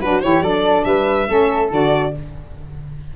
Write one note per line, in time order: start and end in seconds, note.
0.00 0.22 F#3
0.00 0.22 D4
0.00 0.22 F#4
0.00 0.21 B4
0.21 0.41 E3
0.21 0.43 E4
0.21 0.43 G4
0.21 0.42 C#5
0.41 0.84 F#3
0.41 1.27 D4
0.41 0.85 A4
0.41 0.84 D5
0.84 1.27 G3
0.84 1.28 B4
0.84 1.69 E5
1.27 1.71 A3
1.27 1.70 C#4
1.27 2.14 A4
1.71 2.13 D3
1.71 2.14 F#4
1.71 2.16 D5